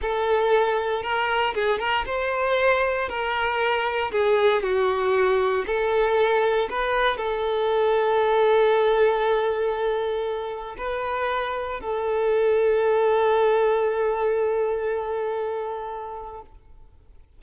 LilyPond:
\new Staff \with { instrumentName = "violin" } { \time 4/4 \tempo 4 = 117 a'2 ais'4 gis'8 ais'8 | c''2 ais'2 | gis'4 fis'2 a'4~ | a'4 b'4 a'2~ |
a'1~ | a'4 b'2 a'4~ | a'1~ | a'1 | }